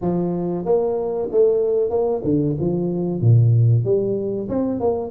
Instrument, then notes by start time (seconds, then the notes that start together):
tuba
0.01 F3
0.65 A#3
1.31 A3
1.89 A#3
2.24 D3
2.60 F3
3.20 A#2
3.84 G3
4.49 C4
4.80 A#3